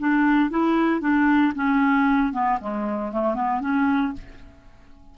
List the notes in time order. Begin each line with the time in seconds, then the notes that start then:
0.00 D4
0.51 E4
1.01 D4
1.55 C#4
2.33 B3
2.61 G#3
3.13 A3
3.35 B3
3.61 C#4